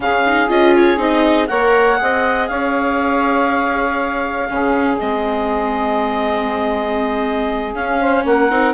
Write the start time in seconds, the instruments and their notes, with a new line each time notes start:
0.00 bassoon C#3, viola C#4, saxophone G#4, clarinet F5
0.26 viola D#4
0.48 bassoon C#4, viola F4, clarinet D#5
0.75 clarinet C#5
0.96 bassoon C4, viola D#4, clarinet D#5
1.47 bassoon A#3, viola A#4, saxophone C#5, clarinet F#5
1.97 bassoon C4, viola G#4, saxophone D#5
2.47 bassoon C#4, saxophone C#5, clarinet F5
4.49 bassoon C#3, viola C#4, saxophone G#4
4.98 bassoon G#3, viola C4, clarinet D#5
7.74 bassoon C#4, viola C#4, clarinet F5
8.00 saxophone C5
8.25 bassoon A#3, saxophone A#4, clarinet F#5
8.50 bassoon C4, viola D#4